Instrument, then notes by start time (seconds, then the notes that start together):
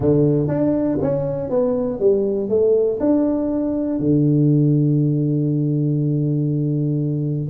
tuba
0.00 D3
0.47 D4
1.01 C#4
1.49 B3
1.99 G3
2.49 A3
3.00 D4
3.99 D3